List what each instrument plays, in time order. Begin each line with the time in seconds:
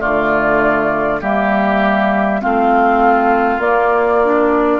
0.00 bassoon D3, clarinet A3, oboe F4, flute D5
1.20 bassoon G3, clarinet A#3, oboe G4, flute E5
2.41 bassoon A3, clarinet C4, oboe F4, flute F5
3.58 bassoon A#3, clarinet A#3, flute D5
4.24 clarinet D4